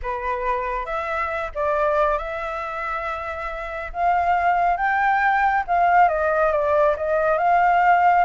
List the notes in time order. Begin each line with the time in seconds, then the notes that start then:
0.02 B4
0.85 E5
1.54 D5
2.18 E5
3.92 F5
4.76 G5
5.67 F5
6.08 D#5
6.52 D5
6.96 D#5
7.38 F5